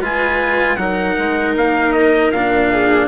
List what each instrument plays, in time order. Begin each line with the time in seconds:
0.00 bassoon G#3, cello F4, viola B4, trumpet G#5
0.76 bassoon F#3, cello D#4, viola A#4, trumpet F#5
1.18 bassoon G#3
1.56 bassoon A#3, trumpet F5
1.93 trumpet D#5
2.31 bassoon A#2, cello D4, trumpet F5
2.71 viola G#4